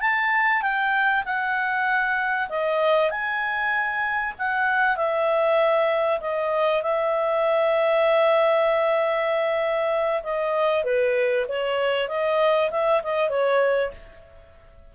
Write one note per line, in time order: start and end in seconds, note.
0.00 0.62 A5
0.62 1.23 G5
1.25 2.49 F#5
2.49 3.10 D#5
3.10 4.34 G#5
4.38 4.96 F#5
4.96 6.20 E5
6.20 6.82 D#5
6.82 10.22 E5
10.23 10.84 D#5
10.84 11.45 B4
11.48 12.08 C#5
12.08 12.70 D#5
12.71 13.01 E5
13.03 13.29 D#5
13.29 13.91 C#5